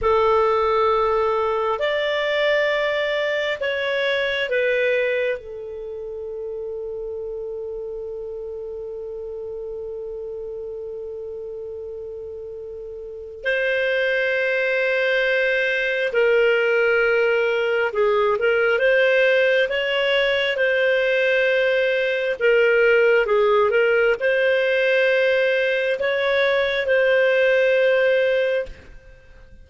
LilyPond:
\new Staff \with { instrumentName = "clarinet" } { \time 4/4 \tempo 4 = 67 a'2 d''2 | cis''4 b'4 a'2~ | a'1~ | a'2. c''4~ |
c''2 ais'2 | gis'8 ais'8 c''4 cis''4 c''4~ | c''4 ais'4 gis'8 ais'8 c''4~ | c''4 cis''4 c''2 | }